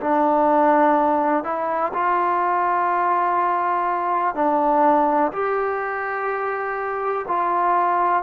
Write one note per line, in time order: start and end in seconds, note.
0.00 1.43 D4
1.43 1.92 E4
1.93 4.35 F4
4.35 5.31 D4
5.32 7.25 G4
7.28 8.22 F4